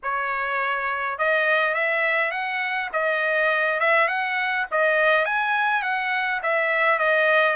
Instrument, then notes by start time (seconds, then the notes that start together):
trumpet
0.03 C#5
1.18 D#5
1.74 E5
2.31 F#5
2.92 D#5
3.79 E5
4.08 F#5
4.71 D#5
5.25 G#5
5.82 F#5
6.42 E5
6.98 D#5